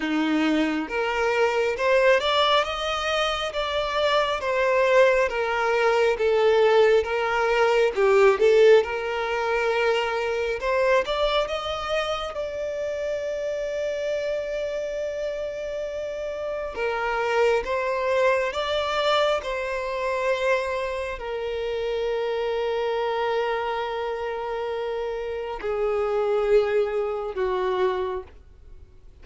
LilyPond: \new Staff \with { instrumentName = "violin" } { \time 4/4 \tempo 4 = 68 dis'4 ais'4 c''8 d''8 dis''4 | d''4 c''4 ais'4 a'4 | ais'4 g'8 a'8 ais'2 | c''8 d''8 dis''4 d''2~ |
d''2. ais'4 | c''4 d''4 c''2 | ais'1~ | ais'4 gis'2 fis'4 | }